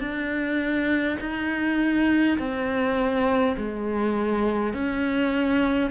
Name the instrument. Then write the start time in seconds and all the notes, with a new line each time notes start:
cello
0.00 D4
1.20 D#4
2.38 C4
3.57 G#3
4.73 C#4